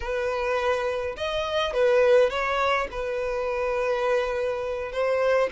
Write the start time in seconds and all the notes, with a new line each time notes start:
0.00 B4
1.16 D#5
1.73 B4
2.29 C#5
2.91 B4
4.92 C5